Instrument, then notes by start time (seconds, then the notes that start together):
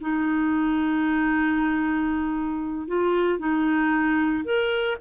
clarinet
0.00 D#4
2.87 F4
3.39 D#4
4.44 A#4